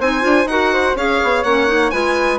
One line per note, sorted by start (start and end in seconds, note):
0.00 0.24 C4
0.00 0.21 D#4
0.00 0.48 C5
0.00 0.47 G#5
0.21 0.45 D4
0.21 0.45 F4
0.45 0.93 D#4
0.45 0.96 F#4
0.45 0.73 A#4
0.45 0.95 F#5
0.73 0.96 C5
0.96 1.20 C#4
0.96 1.44 G#4
0.96 1.92 C#5
0.96 1.44 F5
1.23 1.44 B3
1.44 1.92 A#3
1.44 1.67 C#4
1.44 1.91 F#5
1.67 1.91 D#4
1.91 2.39 G#3
1.91 2.39 F4
1.91 2.39 B4
1.91 2.39 G#5